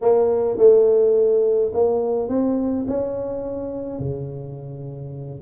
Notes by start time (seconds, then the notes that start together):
0.01 A#3
0.57 A3
1.73 A#3
2.28 C4
2.87 C#4
3.99 C#3